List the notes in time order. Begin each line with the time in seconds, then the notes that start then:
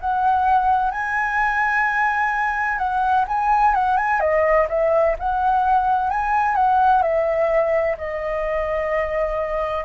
0.00 F#5
0.91 G#5
2.78 F#5
3.27 G#5
3.74 F#5
3.97 G#5
4.20 D#5
4.68 E5
5.19 F#5
6.10 G#5
6.55 F#5
7.02 E5
7.97 D#5